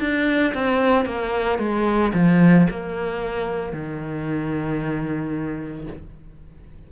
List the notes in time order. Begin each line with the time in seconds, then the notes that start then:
0.00 D4
0.55 C4
1.06 A#3
1.59 G#3
2.14 F3
2.71 A#3
3.73 D#3